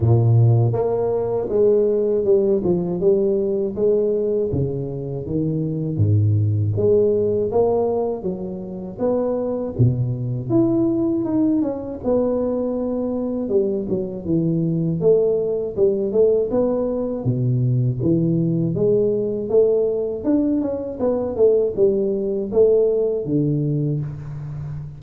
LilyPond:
\new Staff \with { instrumentName = "tuba" } { \time 4/4 \tempo 4 = 80 ais,4 ais4 gis4 g8 f8 | g4 gis4 cis4 dis4 | gis,4 gis4 ais4 fis4 | b4 b,4 e'4 dis'8 cis'8 |
b2 g8 fis8 e4 | a4 g8 a8 b4 b,4 | e4 gis4 a4 d'8 cis'8 | b8 a8 g4 a4 d4 | }